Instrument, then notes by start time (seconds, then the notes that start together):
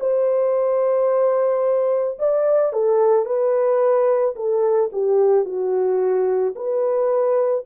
horn
0.00 C5
2.19 D5
2.73 A4
3.25 B4
4.35 A4
4.92 G4
5.45 F#4
6.56 B4